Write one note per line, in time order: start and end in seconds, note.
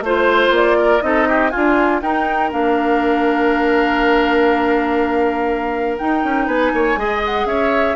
0.00 0.50 A3
0.00 1.01 F4
0.00 0.54 C5
0.00 0.77 C5
0.50 1.00 A#3
0.50 1.01 D5
0.77 1.02 A#4
1.01 1.52 C4
1.01 1.50 D#4
1.01 1.28 A4
1.01 1.50 D#5
1.28 1.51 G4
1.50 2.00 F4
1.50 2.02 F4
1.50 1.99 G#5
1.56 2.02 D4
2.02 2.52 D#4
2.02 2.51 D#4
2.02 6.46 A#4
2.02 2.51 G5
2.51 6.00 A#3
2.51 5.98 D4
2.51 5.98 F5
5.98 6.96 D#4
5.98 6.24 D#4
5.98 6.47 G5
6.24 6.47 C#4
6.46 6.71 B3
6.46 6.71 B4
6.46 7.22 G#5
6.73 6.96 A#3
6.73 6.99 C#5
6.96 7.45 G#3
6.96 7.96 G#4
6.96 7.47 D#5
7.25 7.46 F#5
7.45 7.94 C#4
7.45 7.96 C#5
7.45 7.96 E5